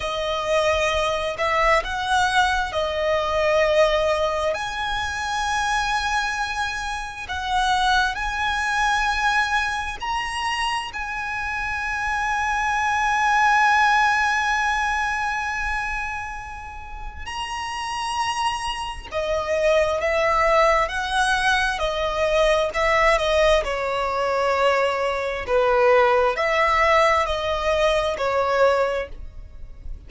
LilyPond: \new Staff \with { instrumentName = "violin" } { \time 4/4 \tempo 4 = 66 dis''4. e''8 fis''4 dis''4~ | dis''4 gis''2. | fis''4 gis''2 ais''4 | gis''1~ |
gis''2. ais''4~ | ais''4 dis''4 e''4 fis''4 | dis''4 e''8 dis''8 cis''2 | b'4 e''4 dis''4 cis''4 | }